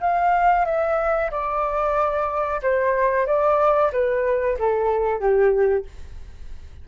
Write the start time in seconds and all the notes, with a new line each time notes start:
0.00 F5
0.65 E5
1.30 D5
2.62 C5
3.26 D5
3.92 B4
4.58 A4
5.19 G4